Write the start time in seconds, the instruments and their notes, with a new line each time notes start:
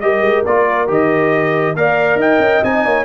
0.00 tuba G3, trombone G4, horn A#4, trumpet D#5
0.21 tuba G#3
0.45 tuba A#3, trombone F4, trumpet D5
0.87 tuba D#3, trombone G4, trumpet D#5
1.76 tuba A#3, trombone A#4, horn D5, trumpet F5
2.15 tuba D#4, horn D#5, trumpet G5
2.39 tuba C#4
2.63 tuba C4, trombone D#4, trumpet G#5
2.84 tuba A#3, horn C#5